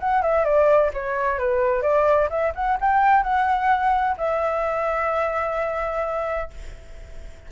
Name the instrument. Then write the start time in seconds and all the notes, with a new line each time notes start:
flute
0.00 F#5
0.22 E5
0.45 D5
0.94 C#5
1.38 B4
1.82 D5
2.30 E5
2.55 F#5
2.81 G5
3.23 F#5
4.18 E5